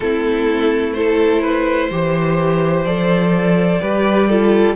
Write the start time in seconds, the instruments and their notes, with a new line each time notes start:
0.00 cello A3, viola C4, violin E4 A4
0.92 viola E4, violin A4 C5
1.41 violin B4
1.90 cello E3, viola G4, violin C5
2.84 cello F3, viola A4, violin D5
3.81 cello G3, viola G4, violin B4
4.28 viola F4, violin A4